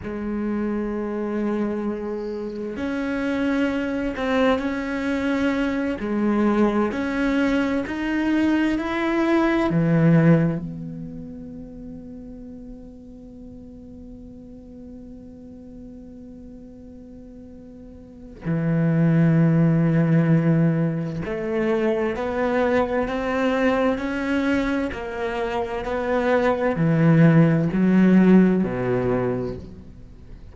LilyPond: \new Staff \with { instrumentName = "cello" } { \time 4/4 \tempo 4 = 65 gis2. cis'4~ | cis'8 c'8 cis'4. gis4 cis'8~ | cis'8 dis'4 e'4 e4 b8~ | b1~ |
b1 | e2. a4 | b4 c'4 cis'4 ais4 | b4 e4 fis4 b,4 | }